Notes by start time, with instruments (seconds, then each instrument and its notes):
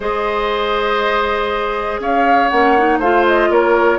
0.00 bassoon G#3, clarinet G#4, oboe C5, flute D#5
1.99 bassoon C#4, oboe C#5, flute F5
2.48 bassoon A#3, clarinet C#4, flute F#5
2.77 clarinet D#4
2.98 bassoon A3, clarinet F4, oboe C5, flute F5
3.27 flute D#5
3.50 bassoon A#3, oboe A#4, flute C#5